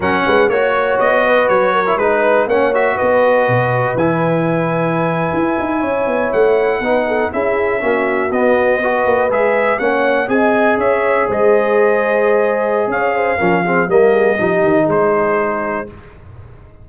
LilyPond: <<
  \new Staff \with { instrumentName = "trumpet" } { \time 4/4 \tempo 4 = 121 fis''4 cis''4 dis''4 cis''4 | b'4 fis''8 e''8 dis''2 | gis''1~ | gis''8. fis''2 e''4~ e''16~ |
e''8. dis''2 e''4 fis''16~ | fis''8. gis''4 e''4 dis''4~ dis''16~ | dis''2 f''2 | dis''2 c''2 | }
  \new Staff \with { instrumentName = "horn" } { \time 4/4 ais'8 b'8 cis''4. b'4 ais'8 | b'4 cis''4 b'2~ | b'2.~ b'8. cis''16~ | cis''4.~ cis''16 b'8 a'8 gis'4 fis'16~ |
fis'4.~ fis'16 b'2 cis''16~ | cis''8. dis''4 cis''4 c''4~ c''16~ | c''2 cis''8 c''8 ais'8 gis'8 | ais'8 gis'8 g'4 gis'2 | }
  \new Staff \with { instrumentName = "trombone" } { \time 4/4 cis'4 fis'2~ fis'8. e'16 | dis'4 cis'8 fis'2~ fis'8 | e'1~ | e'4.~ e'16 dis'4 e'4 cis'16~ |
cis'8. b4 fis'4 gis'4 cis'16~ | cis'8. gis'2.~ gis'16~ | gis'2. cis'8 c'8 | ais4 dis'2. | }
  \new Staff \with { instrumentName = "tuba" } { \time 4/4 fis8 gis8 ais4 b4 fis4 | gis4 ais4 b4 b,4 | e2~ e8. e'8 dis'8 cis'16~ | cis'16 b8 a4 b4 cis'4 ais16~ |
ais8. b4. ais8 gis4 ais16~ | ais8. c'4 cis'4 gis4~ gis16~ | gis2 cis'4 f4 | g4 f8 dis8 gis2 | }
>>